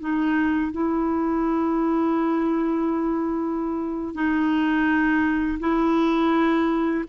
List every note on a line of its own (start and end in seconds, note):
0.00 0.72 D#4
0.72 4.14 E4
4.14 5.59 D#4
5.60 7.04 E4